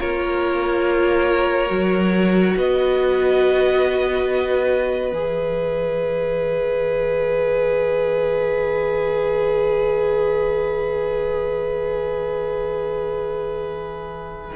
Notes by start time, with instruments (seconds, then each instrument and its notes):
0.00 cello A#3, viola F4, violin A#4 C#5
1.68 cello F#3, viola F#4
2.57 cello B3, violin B4 D#5
5.13 cello E3, viola G#4, violin E5